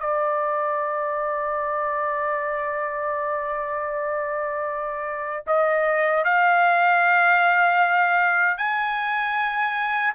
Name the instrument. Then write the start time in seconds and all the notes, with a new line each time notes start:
trumpet
0.00 D5
5.47 D#5
6.25 F5
8.58 G#5